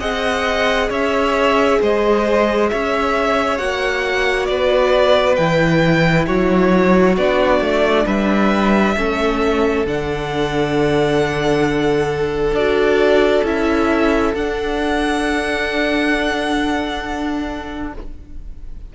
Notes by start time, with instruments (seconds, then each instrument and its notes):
0.00 cello C4, viola G#4, violin D#5 F#5
0.90 cello C#4, violin C#5 E5
1.81 cello G#3, violin C5 D#5
2.69 cello C#4, violin C#5 E5
3.58 cello A#3, viola F#4, violin F#5
4.46 cello B3, violin B4 D5
5.36 cello E3, viola E4, violin G5
6.27 cello F#3, violin F#4 C#5
7.17 cello B3, viola D4, violin D5
7.61 cello A3
8.06 cello G3, violin B4 E5
8.97 cello A3, viola C#4, violin A4
9.86 cello D3, viola D4, violin F#5
12.52 cello D4, viola F#4, violin D5
13.44 cello C#4, viola E4, violin E5
14.35 cello D4, viola D4, violin F#5